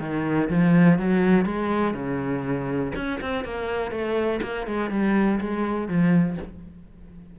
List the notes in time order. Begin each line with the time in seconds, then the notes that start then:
0.00 D#3
0.49 F3
0.99 F#3
1.45 G#3
1.94 C#3
2.95 C#4
3.21 C4
3.44 A#3
3.91 A3
4.42 A#3
4.67 G#3
4.90 G3
5.40 G#3
5.88 F3